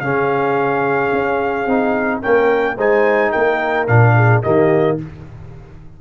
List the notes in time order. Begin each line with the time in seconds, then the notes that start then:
0.00 C#3 C#4 G#4 F5
1.12 C#4
1.66 C4 D#4
2.22 A#3 C#4 A#4 G5
2.76 G#3 D#4 C5 G#5
3.31 A#3 A#4 G5
3.87 A#2 D4 F5
4.15 G#4
4.42 D#3 A#3 G4 D#5